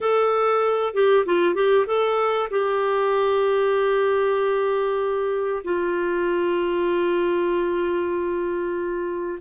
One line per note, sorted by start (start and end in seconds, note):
0.01 0.93 A4
0.93 1.25 G4
1.25 1.54 F4
1.54 1.86 G4
1.86 2.48 A4
2.50 5.62 G4
5.64 9.39 F4